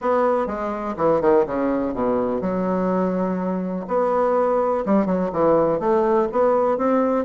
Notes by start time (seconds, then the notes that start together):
0.01 B3
0.46 G#3
0.97 E3
1.21 D#3
1.46 C#3
1.94 B2
2.41 F#3
3.87 B3
4.85 G3
5.06 F#3
5.32 E3
5.79 A3
6.32 B3
6.77 C4